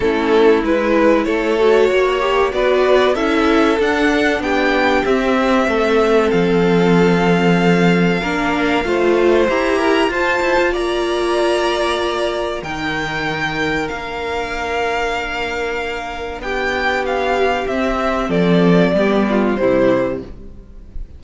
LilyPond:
<<
  \new Staff \with { instrumentName = "violin" } { \time 4/4 \tempo 4 = 95 a'4 b'4 cis''2 | d''4 e''4 fis''4 g''4 | e''2 f''2~ | f''2. ais''4 |
a''4 ais''2. | g''2 f''2~ | f''2 g''4 f''4 | e''4 d''2 c''4 | }
  \new Staff \with { instrumentName = "violin" } { \time 4/4 e'2 a'4 cis''4 | b'4 a'2 g'4~ | g'4 a'2.~ | a'4 ais'4 c''4. ais'8 |
c''4 d''2. | ais'1~ | ais'2 g'2~ | g'4 a'4 g'8 f'8 e'4 | }
  \new Staff \with { instrumentName = "viola" } { \time 4/4 cis'4 e'4. fis'4 g'8 | fis'4 e'4 d'2 | c'1~ | c'4 d'4 f'4 g'4 |
f'1 | dis'2 d'2~ | d'1 | c'2 b4 g4 | }
  \new Staff \with { instrumentName = "cello" } { \time 4/4 a4 gis4 a4 ais4 | b4 cis'4 d'4 b4 | c'4 a4 f2~ | f4 ais4 a4 e'4 |
f'8 e'16 f'16 ais2. | dis2 ais2~ | ais2 b2 | c'4 f4 g4 c4 | }
>>